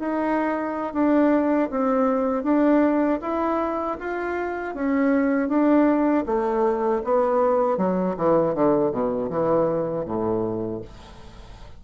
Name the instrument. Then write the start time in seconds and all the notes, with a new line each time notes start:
bassoon
0.00 D#4
0.94 D4
1.71 C4
2.44 D4
3.22 E4
4.00 F4
4.75 C#4
5.49 D4
6.27 A3
7.05 B3
7.78 F#3
8.17 E3
8.55 D3
8.92 B2
9.30 E3
10.06 A2